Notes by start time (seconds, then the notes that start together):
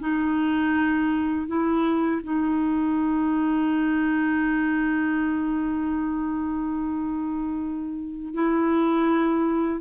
0.00 D#4
1.48 E4
2.24 D#4
8.34 E4